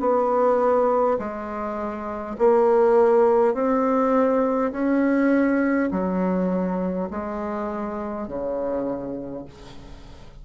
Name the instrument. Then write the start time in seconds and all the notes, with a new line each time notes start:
bassoon
0.00 B3
1.19 G#3
2.39 A#3
3.54 C4
4.72 C#4
5.91 F#3
7.11 G#3
8.28 C#3